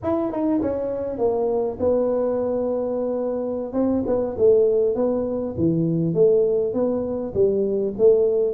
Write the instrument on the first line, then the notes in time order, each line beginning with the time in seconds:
tuba
0.02 E4
0.31 D#4
0.61 C#4
1.18 A#3
1.79 B3
3.73 C4
4.06 B3
4.37 A3
4.95 B3
5.57 E3
6.13 A3
6.73 B3
7.34 G3
7.98 A3